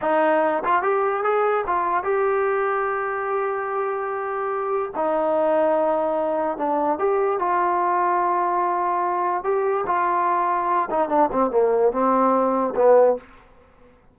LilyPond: \new Staff \with { instrumentName = "trombone" } { \time 4/4 \tempo 4 = 146 dis'4. f'8 g'4 gis'4 | f'4 g'2.~ | g'1 | dis'1 |
d'4 g'4 f'2~ | f'2. g'4 | f'2~ f'8 dis'8 d'8 c'8 | ais4 c'2 b4 | }